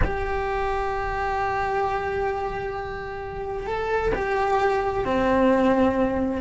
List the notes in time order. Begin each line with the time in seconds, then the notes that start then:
0.04 G4
3.66 A4
4.14 G4
5.04 C4